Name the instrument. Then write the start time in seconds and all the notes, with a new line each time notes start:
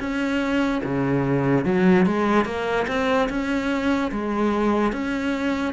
cello
0.00 C#4
0.84 C#3
1.66 F#3
2.06 G#3
2.46 A#3
2.88 C4
3.30 C#4
4.12 G#3
4.93 C#4